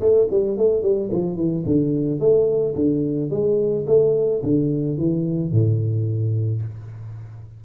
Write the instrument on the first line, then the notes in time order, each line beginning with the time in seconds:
tuba
0.00 A3
0.30 G3
0.57 A3
0.82 G3
1.11 F3
1.36 E3
1.65 D3
2.19 A3
2.75 D3
3.30 G#3
3.87 A3
4.43 D3
4.97 E3
5.51 A2